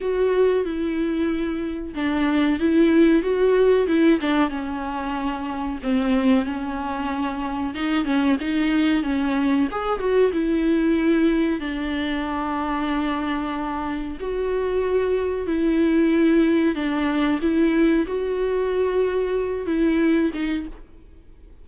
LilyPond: \new Staff \with { instrumentName = "viola" } { \time 4/4 \tempo 4 = 93 fis'4 e'2 d'4 | e'4 fis'4 e'8 d'8 cis'4~ | cis'4 c'4 cis'2 | dis'8 cis'8 dis'4 cis'4 gis'8 fis'8 |
e'2 d'2~ | d'2 fis'2 | e'2 d'4 e'4 | fis'2~ fis'8 e'4 dis'8 | }